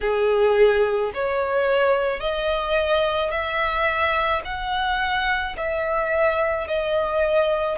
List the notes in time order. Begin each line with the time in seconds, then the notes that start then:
0.01 G#4
1.14 C#5
2.20 D#5
3.30 E5
4.44 F#5
5.56 E5
6.67 D#5